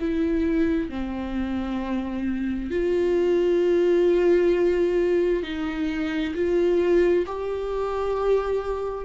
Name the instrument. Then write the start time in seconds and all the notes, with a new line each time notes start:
viola
0.00 E4
0.89 C4
2.71 F4
5.43 D#4
6.34 F4
7.26 G4